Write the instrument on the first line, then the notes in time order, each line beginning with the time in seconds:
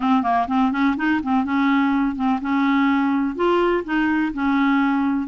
clarinet
0.00 C4
0.22 A#3
0.47 C4
0.71 C#4
0.96 D#4
1.22 C4
1.44 C#4
2.15 C4
2.41 C#4
3.35 F4
3.84 D#4
4.33 C#4